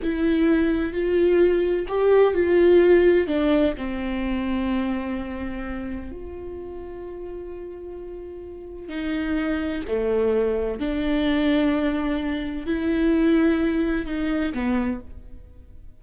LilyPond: \new Staff \with { instrumentName = "viola" } { \time 4/4 \tempo 4 = 128 e'2 f'2 | g'4 f'2 d'4 | c'1~ | c'4 f'2.~ |
f'2. dis'4~ | dis'4 a2 d'4~ | d'2. e'4~ | e'2 dis'4 b4 | }